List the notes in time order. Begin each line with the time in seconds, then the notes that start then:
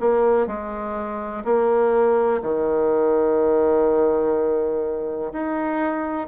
0.00 A#3
0.47 G#3
1.45 A#3
2.42 D#3
5.33 D#4